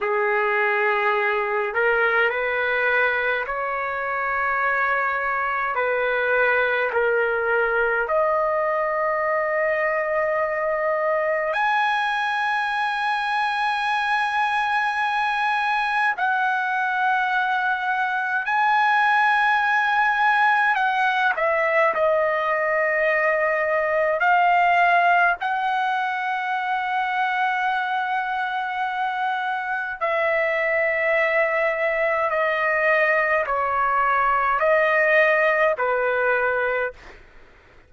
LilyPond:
\new Staff \with { instrumentName = "trumpet" } { \time 4/4 \tempo 4 = 52 gis'4. ais'8 b'4 cis''4~ | cis''4 b'4 ais'4 dis''4~ | dis''2 gis''2~ | gis''2 fis''2 |
gis''2 fis''8 e''8 dis''4~ | dis''4 f''4 fis''2~ | fis''2 e''2 | dis''4 cis''4 dis''4 b'4 | }